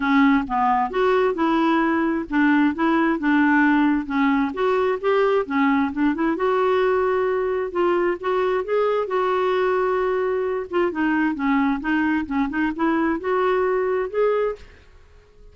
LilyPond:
\new Staff \with { instrumentName = "clarinet" } { \time 4/4 \tempo 4 = 132 cis'4 b4 fis'4 e'4~ | e'4 d'4 e'4 d'4~ | d'4 cis'4 fis'4 g'4 | cis'4 d'8 e'8 fis'2~ |
fis'4 f'4 fis'4 gis'4 | fis'2.~ fis'8 f'8 | dis'4 cis'4 dis'4 cis'8 dis'8 | e'4 fis'2 gis'4 | }